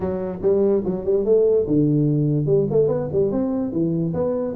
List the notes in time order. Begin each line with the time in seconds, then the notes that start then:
0.00 F#3
0.42 G3
0.85 F#3
1.04 G3
1.24 A3
1.66 D3
2.46 G3
2.70 A3
2.88 B3
3.12 G3
3.31 C4
3.71 E3
4.13 B3